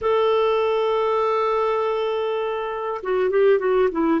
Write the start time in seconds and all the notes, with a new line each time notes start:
0.01 A4
3.02 F#4
3.29 G4
3.58 F#4
3.91 E4